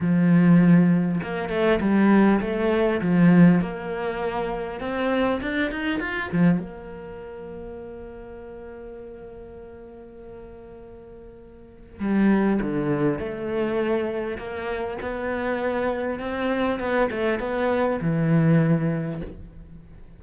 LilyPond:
\new Staff \with { instrumentName = "cello" } { \time 4/4 \tempo 4 = 100 f2 ais8 a8 g4 | a4 f4 ais2 | c'4 d'8 dis'8 f'8 f8 ais4~ | ais1~ |
ais1 | g4 d4 a2 | ais4 b2 c'4 | b8 a8 b4 e2 | }